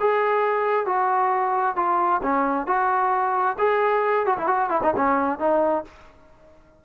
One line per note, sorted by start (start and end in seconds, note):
0.00 0.86 G#4
0.86 1.76 F#4
1.76 2.21 F4
2.23 2.67 C#4
2.67 3.57 F#4
3.59 4.26 G#4
4.26 4.38 F#4
4.38 4.47 E4
4.47 4.70 F#4
4.70 4.81 E4
4.83 4.94 D#4
4.96 5.39 C#4
5.39 5.84 D#4